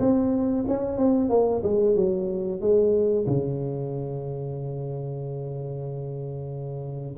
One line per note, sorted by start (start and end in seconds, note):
0.00 0.65 C4
0.68 0.98 C#4
0.98 1.30 C4
1.30 1.63 A#3
1.64 1.96 G#3
1.96 2.61 F#3
2.61 3.27 G#3
3.27 7.18 C#3